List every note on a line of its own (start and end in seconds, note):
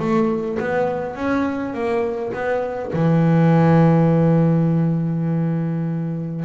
0.00 0.59 A3
0.60 1.16 B3
1.16 1.74 C#4
1.74 2.33 A#3
2.33 2.92 B3
2.94 6.46 E3